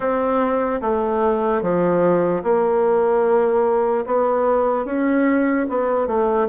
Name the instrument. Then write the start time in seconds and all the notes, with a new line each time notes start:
bassoon
0.00 C4
0.81 A3
1.61 F3
2.43 A#3
4.05 B3
4.85 C#4
5.69 B3
6.07 A3